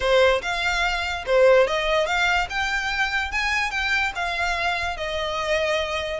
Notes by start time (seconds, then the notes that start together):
0.00 C5
0.42 F5
1.26 C5
1.67 D#5
2.06 F5
2.49 G5
3.31 G#5
3.70 G5
4.15 F5
4.96 D#5